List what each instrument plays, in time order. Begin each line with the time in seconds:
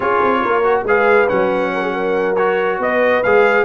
0.00 tuba C#4, trombone F4, horn G#4, trumpet C#5
0.21 tuba C4
0.42 tuba A#3, horn A#4
0.63 trombone F#4
0.83 tuba G#3, trombone G#4, horn B4, trumpet F5
1.28 tuba F#3, trombone C#4, trumpet F#5
1.74 horn A#4
1.83 horn G#4
1.93 horn A#4
2.35 trombone F#4, trumpet C#5
2.79 tuba B3, horn B4, trumpet D#5
3.23 tuba G#3, trombone G#4, trumpet F5